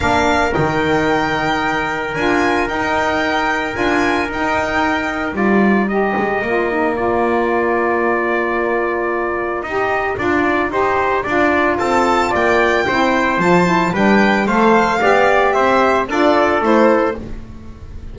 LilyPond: <<
  \new Staff \with { instrumentName = "violin" } { \time 4/4 \tempo 4 = 112 f''4 g''2. | gis''4 g''2 gis''4 | g''2 ais''2~ | ais''1~ |
ais''1~ | ais''2 a''4 g''4~ | g''4 a''4 g''4 f''4~ | f''4 e''4 d''4 c''4 | }
  \new Staff \with { instrumentName = "trumpet" } { \time 4/4 ais'1~ | ais'1~ | ais'2 d''4 dis''4~ | dis''4 d''2.~ |
d''2 dis''4 d''4 | c''4 d''4 a'4 d''4 | c''2 b'4 c''4 | d''4 c''4 a'2 | }
  \new Staff \with { instrumentName = "saxophone" } { \time 4/4 d'4 dis'2. | f'4 dis'2 f'4 | dis'2 f'4 g'4 | f'8 dis'8 f'2.~ |
f'2 g'4 f'4 | g'4 f'2. | e'4 f'8 e'8 d'4 a'4 | g'2 f'4 e'4 | }
  \new Staff \with { instrumentName = "double bass" } { \time 4/4 ais4 dis2. | d'4 dis'2 d'4 | dis'2 g4. gis8 | ais1~ |
ais2 dis'4 d'4 | dis'4 d'4 c'4 ais4 | c'4 f4 g4 a4 | b4 c'4 d'4 a4 | }
>>